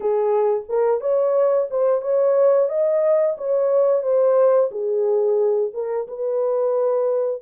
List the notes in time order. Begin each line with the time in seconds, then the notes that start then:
0.00 G#4
0.68 A#4
1.00 C#5
1.70 C5
2.01 C#5
2.69 D#5
3.37 C#5
4.02 C5
4.71 G#4
5.73 A#4
6.07 B4